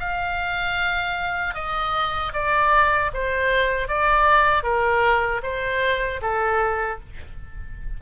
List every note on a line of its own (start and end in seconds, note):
0.00 1.55 F5
1.55 2.33 D#5
2.33 3.11 D5
3.14 3.88 C5
3.88 4.64 D5
4.64 5.42 A#4
5.43 6.21 C5
6.22 7.00 A4